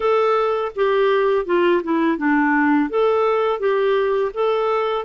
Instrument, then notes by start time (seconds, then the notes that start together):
clarinet
0.00 A4
0.75 G4
1.45 F4
1.83 E4
2.17 D4
2.89 A4
3.59 G4
4.34 A4